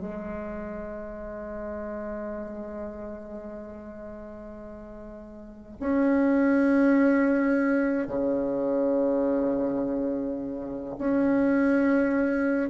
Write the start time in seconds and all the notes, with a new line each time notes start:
0.00 G#3
5.80 C#4
8.07 C#3
10.98 C#4